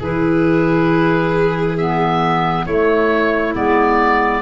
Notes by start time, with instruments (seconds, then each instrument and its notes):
0.00 tuba E3, clarinet E4, violin G#4, oboe B4
1.78 clarinet B3, oboe E5
2.66 tuba A3, clarinet A3, violin E4, oboe C#5
3.54 tuba G#3, clarinet B3, oboe D5